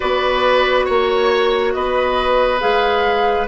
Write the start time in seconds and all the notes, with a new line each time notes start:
0.00 B3 F#4 B4 D5
0.85 A#3 C#5
1.72 B3 B4 D#5
2.60 G#3 G#4 F5